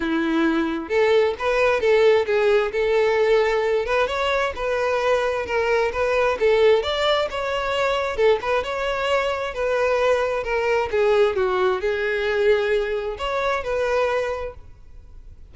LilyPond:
\new Staff \with { instrumentName = "violin" } { \time 4/4 \tempo 4 = 132 e'2 a'4 b'4 | a'4 gis'4 a'2~ | a'8 b'8 cis''4 b'2 | ais'4 b'4 a'4 d''4 |
cis''2 a'8 b'8 cis''4~ | cis''4 b'2 ais'4 | gis'4 fis'4 gis'2~ | gis'4 cis''4 b'2 | }